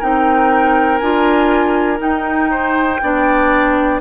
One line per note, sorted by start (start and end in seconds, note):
0.00 1.02 C4
0.00 1.01 D#4
0.00 2.50 A#4
0.00 0.98 G5
0.98 2.00 D4
0.98 1.98 F4
0.98 1.98 G#5
1.98 2.98 D#4
1.98 3.00 D#4
1.98 4.01 G5
2.51 3.01 C5
3.03 4.01 B3
3.03 4.01 D4
3.03 4.01 D5